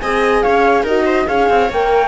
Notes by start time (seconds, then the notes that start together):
0.00 C4 G#4 D#5 G#5
0.42 C#4 C#5 F5
0.83 D#4 F#4 A#4 D#5
1.05 C5
1.27 C#4 G#4 C#5 F5
1.49 C4
1.70 A#3 A#4 G5